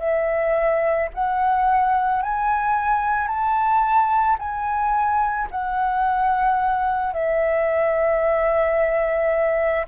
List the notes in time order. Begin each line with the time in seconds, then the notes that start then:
0.00 E5
1.14 F#5
2.22 G#5
3.28 A5
4.39 G#5
5.51 F#5
7.13 E5